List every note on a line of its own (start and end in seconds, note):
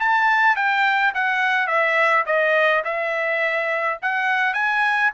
0.00 0.56 A5
0.56 1.13 G5
1.15 1.68 F#5
1.68 2.25 E5
2.26 2.83 D#5
2.85 3.99 E5
4.02 4.54 F#5
4.54 5.11 G#5